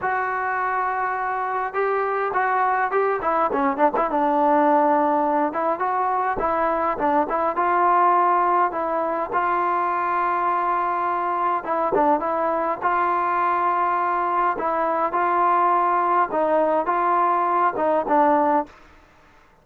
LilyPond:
\new Staff \with { instrumentName = "trombone" } { \time 4/4 \tempo 4 = 103 fis'2. g'4 | fis'4 g'8 e'8 cis'8 d'16 e'16 d'4~ | d'4. e'8 fis'4 e'4 | d'8 e'8 f'2 e'4 |
f'1 | e'8 d'8 e'4 f'2~ | f'4 e'4 f'2 | dis'4 f'4. dis'8 d'4 | }